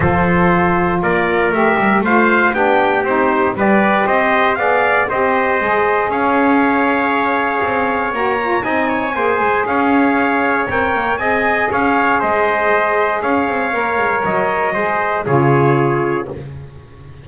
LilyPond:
<<
  \new Staff \with { instrumentName = "trumpet" } { \time 4/4 \tempo 4 = 118 c''2 d''4 e''4 | f''4 g''4 c''4 d''4 | dis''4 f''4 dis''2 | f''1 |
ais''4 gis''2 f''4~ | f''4 g''4 gis''4 f''4 | dis''2 f''2 | dis''2 cis''2 | }
  \new Staff \with { instrumentName = "trumpet" } { \time 4/4 a'2 ais'2 | c''4 g'2 b'4 | c''4 d''4 c''2 | cis''1~ |
cis''4 dis''8 cis''8 c''4 cis''4~ | cis''2 dis''4 cis''4 | c''2 cis''2~ | cis''4 c''4 gis'2 | }
  \new Staff \with { instrumentName = "saxophone" } { \time 4/4 f'2. g'4 | f'4 d'4 dis'4 g'4~ | g'4 gis'4 g'4 gis'4~ | gis'1 |
fis'8 f'8 dis'4 gis'2~ | gis'4 ais'4 gis'2~ | gis'2. ais'4~ | ais'4 gis'4 f'2 | }
  \new Staff \with { instrumentName = "double bass" } { \time 4/4 f2 ais4 a8 g8 | a4 b4 c'4 g4 | c'4 b4 c'4 gis4 | cis'2. c'4 |
ais4 c'4 ais8 gis8 cis'4~ | cis'4 c'8 ais8 c'4 cis'4 | gis2 cis'8 c'8 ais8 gis8 | fis4 gis4 cis2 | }
>>